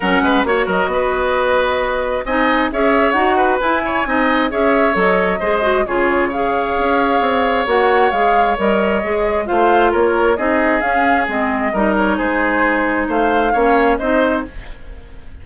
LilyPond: <<
  \new Staff \with { instrumentName = "flute" } { \time 4/4 \tempo 4 = 133 fis''4 cis''8 dis''2~ dis''8~ | dis''4 gis''4 e''4 fis''4 | gis''2 e''4 dis''4~ | dis''4 cis''4 f''2~ |
f''4 fis''4 f''4 dis''4~ | dis''4 f''4 cis''4 dis''4 | f''4 dis''4. cis''8 c''4~ | c''4 f''2 dis''4 | }
  \new Staff \with { instrumentName = "oboe" } { \time 4/4 ais'8 b'8 cis''8 ais'8 b'2~ | b'4 dis''4 cis''4. b'8~ | b'8 cis''8 dis''4 cis''2 | c''4 gis'4 cis''2~ |
cis''1~ | cis''4 c''4 ais'4 gis'4~ | gis'2 ais'4 gis'4~ | gis'4 c''4 cis''4 c''4 | }
  \new Staff \with { instrumentName = "clarinet" } { \time 4/4 cis'4 fis'2.~ | fis'4 dis'4 gis'4 fis'4 | e'4 dis'4 gis'4 a'4 | gis'8 fis'8 f'4 gis'2~ |
gis'4 fis'4 gis'4 ais'4 | gis'4 f'2 dis'4 | cis'4 c'4 dis'2~ | dis'2 cis'4 dis'4 | }
  \new Staff \with { instrumentName = "bassoon" } { \time 4/4 fis8 gis8 ais8 fis8 b2~ | b4 c'4 cis'4 dis'4 | e'4 c'4 cis'4 fis4 | gis4 cis2 cis'4 |
c'4 ais4 gis4 g4 | gis4 a4 ais4 c'4 | cis'4 gis4 g4 gis4~ | gis4 a4 ais4 c'4 | }
>>